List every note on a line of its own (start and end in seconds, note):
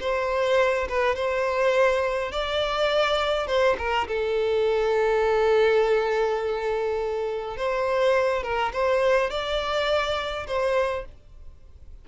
0.00 0.87 C5
0.88 1.15 B4
1.15 2.31 C5
2.31 3.47 D5
3.47 3.76 C5
3.78 4.07 A#4
4.08 7.57 A4
7.57 8.43 C5
8.43 8.72 A#4
8.73 9.30 C5
9.30 10.46 D5
10.47 11.05 C5